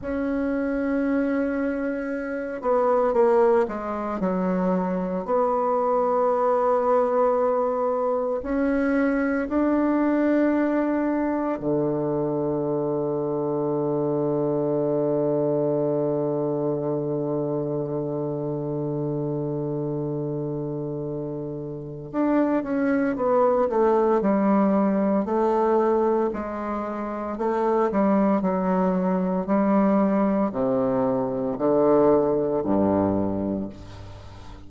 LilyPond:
\new Staff \with { instrumentName = "bassoon" } { \time 4/4 \tempo 4 = 57 cis'2~ cis'8 b8 ais8 gis8 | fis4 b2. | cis'4 d'2 d4~ | d1~ |
d1~ | d4 d'8 cis'8 b8 a8 g4 | a4 gis4 a8 g8 fis4 | g4 c4 d4 g,4 | }